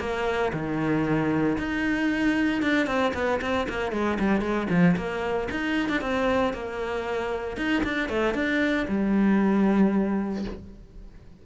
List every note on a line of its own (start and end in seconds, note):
0.00 0.52 A#3
0.53 1.57 D#3
1.58 2.62 D#4
2.62 2.87 D4
2.87 3.13 C4
3.14 3.40 B3
3.41 3.67 C4
3.69 3.92 A#3
3.92 4.18 G#3
4.19 4.41 G3
4.41 4.67 G#3
4.70 4.96 F3
4.96 5.49 A#3
5.51 5.89 D#4
5.89 6.01 D4
6.01 6.53 C4
6.53 7.57 A#3
7.57 7.83 D#4
7.84 8.09 D4
8.09 8.34 A3
8.34 8.86 D4
8.88 10.45 G3